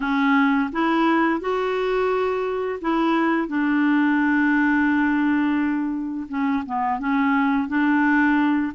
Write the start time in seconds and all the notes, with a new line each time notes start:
0.00 C#4
0.72 E4
1.40 F#4
2.81 E4
3.48 D4
6.28 C#4
6.65 B3
6.99 C#4
7.67 D4